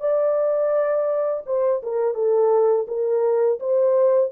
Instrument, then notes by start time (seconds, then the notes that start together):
horn
0.00 D5
1.46 C5
1.83 A#4
2.15 A4
2.88 A#4
3.59 C5